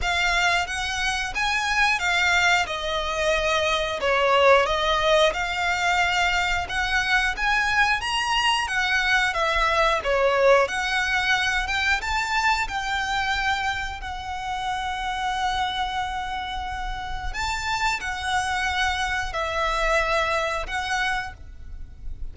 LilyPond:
\new Staff \with { instrumentName = "violin" } { \time 4/4 \tempo 4 = 90 f''4 fis''4 gis''4 f''4 | dis''2 cis''4 dis''4 | f''2 fis''4 gis''4 | ais''4 fis''4 e''4 cis''4 |
fis''4. g''8 a''4 g''4~ | g''4 fis''2.~ | fis''2 a''4 fis''4~ | fis''4 e''2 fis''4 | }